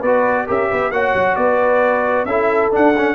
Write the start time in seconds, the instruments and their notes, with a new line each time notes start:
0.00 tuba B3, trombone F#4, horn B4, trumpet D5
0.47 tuba C#4, trombone G4, horn A#4, trumpet E5
0.70 tuba B3, horn B4
0.91 tuba A#3, trombone F#4, horn C#5, trumpet F#5
1.14 tuba F#3
1.36 tuba B3, horn B4, trumpet D5
2.25 tuba C#4, trombone E4, horn A4, trumpet E5
2.72 trombone D4, tuba D4, trumpet F#5
2.98 trombone C#4